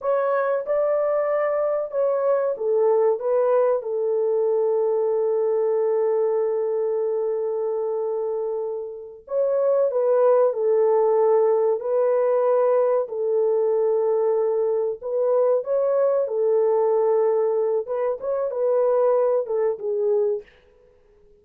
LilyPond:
\new Staff \with { instrumentName = "horn" } { \time 4/4 \tempo 4 = 94 cis''4 d''2 cis''4 | a'4 b'4 a'2~ | a'1~ | a'2~ a'8 cis''4 b'8~ |
b'8 a'2 b'4.~ | b'8 a'2. b'8~ | b'8 cis''4 a'2~ a'8 | b'8 cis''8 b'4. a'8 gis'4 | }